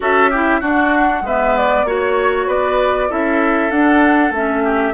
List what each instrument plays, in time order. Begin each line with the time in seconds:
0.00 bassoon C#4, clarinet F#4, oboe A4, flute E5
0.30 clarinet E4, oboe G4
0.60 clarinet D4, bassoon D4, oboe F#4
0.66 flute F#5
1.21 bassoon G#3, oboe B4, flute E5
1.28 clarinet B3
1.57 flute D5
1.84 bassoon A#3, clarinet F#4, oboe C#5, flute C#5
2.47 bassoon B3, oboe B4, flute D5
3.09 bassoon C#4, clarinet E4, oboe A4, flute E5
3.70 clarinet D4, bassoon D4, flute F#5
4.31 bassoon A3, clarinet C#4, flute E5
4.64 oboe G4